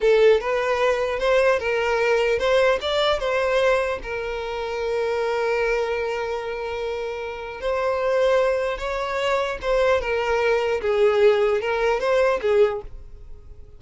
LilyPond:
\new Staff \with { instrumentName = "violin" } { \time 4/4 \tempo 4 = 150 a'4 b'2 c''4 | ais'2 c''4 d''4 | c''2 ais'2~ | ais'1~ |
ais'2. c''4~ | c''2 cis''2 | c''4 ais'2 gis'4~ | gis'4 ais'4 c''4 gis'4 | }